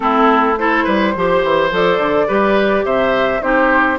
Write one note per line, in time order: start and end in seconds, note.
0.00 0.85 A3
0.00 0.55 C4
0.00 0.59 E4
0.00 0.56 A4
0.57 1.15 E4
0.57 0.84 A4
0.57 1.71 C5
0.84 1.15 G3
0.84 1.13 B4
1.15 1.43 F3
1.15 1.70 G4
1.15 2.27 C5
1.43 1.71 E3
1.70 1.98 F3
1.70 2.27 A4
1.70 2.85 D5
1.98 2.26 D3
2.27 2.84 G3
2.27 3.41 G4
2.27 2.84 B4
2.84 3.41 C3
2.84 3.42 C5
2.84 3.42 E5
3.41 3.99 C4
3.41 3.98 D#4
3.41 3.99 G4
3.41 3.99 C5